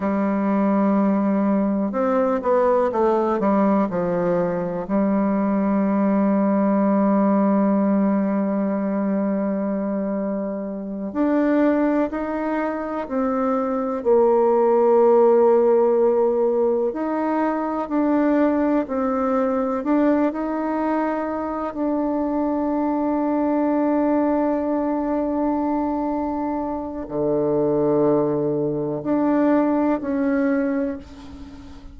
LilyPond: \new Staff \with { instrumentName = "bassoon" } { \time 4/4 \tempo 4 = 62 g2 c'8 b8 a8 g8 | f4 g2.~ | g2.~ g8 d'8~ | d'8 dis'4 c'4 ais4.~ |
ais4. dis'4 d'4 c'8~ | c'8 d'8 dis'4. d'4.~ | d'1 | d2 d'4 cis'4 | }